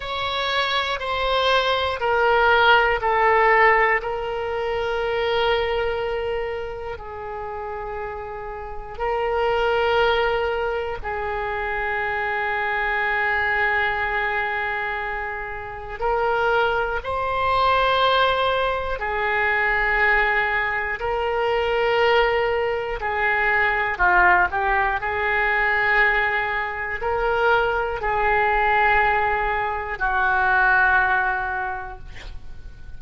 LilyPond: \new Staff \with { instrumentName = "oboe" } { \time 4/4 \tempo 4 = 60 cis''4 c''4 ais'4 a'4 | ais'2. gis'4~ | gis'4 ais'2 gis'4~ | gis'1 |
ais'4 c''2 gis'4~ | gis'4 ais'2 gis'4 | f'8 g'8 gis'2 ais'4 | gis'2 fis'2 | }